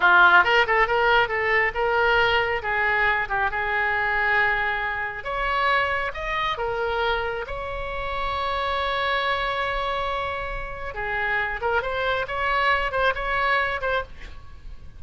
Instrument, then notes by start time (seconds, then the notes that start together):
oboe
0.00 F4
0.44 A#4
0.66 A4
0.87 A#4
1.28 A4
1.74 A#4
2.62 G#4
3.28 G4
3.50 G#4
5.24 C#5
6.14 D#5
6.57 A#4
7.47 C#5
10.94 G#4
11.61 A#4
11.82 C5
12.27 C#5
12.91 C5
13.15 C#5
13.81 C5